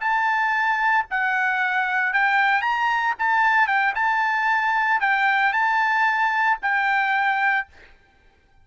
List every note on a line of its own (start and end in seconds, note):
0.00 1.05 A5
1.10 2.13 F#5
2.13 2.61 G5
2.61 3.14 A#5
3.19 3.67 A5
3.67 3.93 G5
3.95 5.00 A5
5.00 5.53 G5
5.53 6.58 A5
6.62 7.67 G5